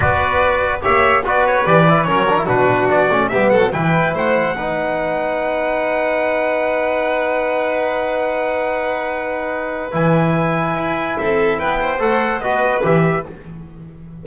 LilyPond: <<
  \new Staff \with { instrumentName = "trumpet" } { \time 4/4 \tempo 4 = 145 d''2 e''4 d''8 cis''8 | d''4 cis''4 b'4 d''4 | e''8 fis''8 g''4 fis''2~ | fis''1~ |
fis''1~ | fis''1 | gis''2. e''4 | g''4 fis''4 dis''4 e''4 | }
  \new Staff \with { instrumentName = "violin" } { \time 4/4 b'2 cis''4 b'4~ | b'4 ais'4 fis'2 | g'8 a'8 b'4 c''4 b'4~ | b'1~ |
b'1~ | b'1~ | b'2. a'4 | b'8 c''4. b'2 | }
  \new Staff \with { instrumentName = "trombone" } { \time 4/4 fis'2 g'4 fis'4 | g'8 e'8 cis'8 d'16 e'16 d'4. cis'8 | b4 e'2 dis'4~ | dis'1~ |
dis'1~ | dis'1 | e'1~ | e'4 a'4 fis'4 g'4 | }
  \new Staff \with { instrumentName = "double bass" } { \time 4/4 b2 ais4 b4 | e4 fis4 b,4 b8 a8 | g8 fis8 e4 a4 b4~ | b1~ |
b1~ | b1 | e2 e'4 c'4 | b4 a4 b4 e4 | }
>>